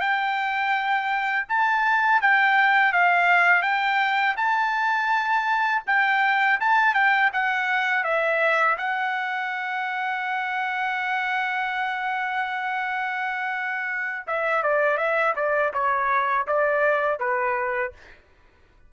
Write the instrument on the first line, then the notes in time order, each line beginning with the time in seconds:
trumpet
0.00 G5
1.48 A5
2.21 G5
2.93 F5
3.62 G5
4.36 A5
5.86 G5
6.60 A5
6.94 G5
7.33 F#5
8.04 E5
8.78 F#5
14.27 E5
14.63 D5
14.97 E5
15.36 D5
15.73 C#5
16.47 D5
17.20 B4